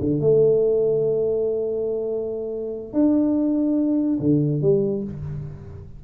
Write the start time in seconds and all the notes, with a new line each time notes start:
0.00 D3
0.20 A3
2.93 D4
4.20 D3
4.62 G3